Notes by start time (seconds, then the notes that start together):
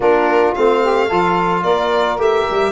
0.00 A#3 D4 F4 A#4
0.54 A3 C4 F5
0.81 G4
1.07 F3 F4 A4
1.63 A#3 A#4 D5
2.17 A3 G4 E5
2.50 G3